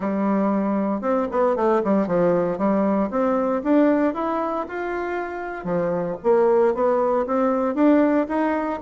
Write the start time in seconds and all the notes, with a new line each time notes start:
0.00 G3
1.01 C4
1.31 B3
1.56 A3
1.83 G3
2.07 F3
2.57 G3
3.10 C4
3.63 D4
4.14 E4
4.68 F4
5.64 F3
6.23 A#3
6.74 B3
7.26 C4
7.74 D4
8.28 D#4